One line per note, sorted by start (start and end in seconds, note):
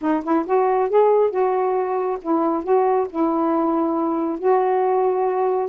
0.01 0.23 D#4
0.23 0.45 E4
0.45 0.89 F#4
0.89 1.30 G#4
1.30 2.17 F#4
2.21 2.63 E4
2.63 3.07 F#4
3.09 4.38 E4
4.38 5.69 F#4